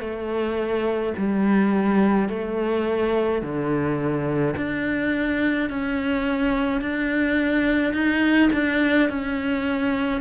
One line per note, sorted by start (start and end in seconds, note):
0.00 1.13 A3
1.17 2.29 G3
2.29 3.42 A3
3.42 4.55 D3
4.56 5.70 D4
5.70 6.81 C#4
6.81 7.93 D4
7.93 8.50 D#4
8.53 9.09 D4
9.09 10.21 C#4